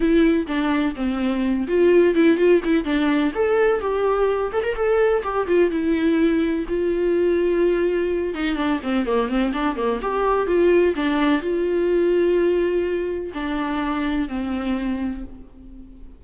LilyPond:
\new Staff \with { instrumentName = "viola" } { \time 4/4 \tempo 4 = 126 e'4 d'4 c'4. f'8~ | f'8 e'8 f'8 e'8 d'4 a'4 | g'4. a'16 ais'16 a'4 g'8 f'8 | e'2 f'2~ |
f'4. dis'8 d'8 c'8 ais8 c'8 | d'8 ais8 g'4 f'4 d'4 | f'1 | d'2 c'2 | }